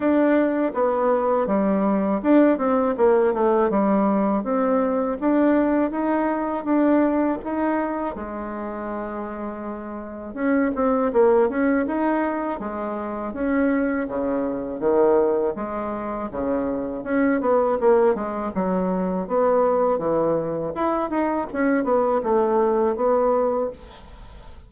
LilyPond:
\new Staff \with { instrumentName = "bassoon" } { \time 4/4 \tempo 4 = 81 d'4 b4 g4 d'8 c'8 | ais8 a8 g4 c'4 d'4 | dis'4 d'4 dis'4 gis4~ | gis2 cis'8 c'8 ais8 cis'8 |
dis'4 gis4 cis'4 cis4 | dis4 gis4 cis4 cis'8 b8 | ais8 gis8 fis4 b4 e4 | e'8 dis'8 cis'8 b8 a4 b4 | }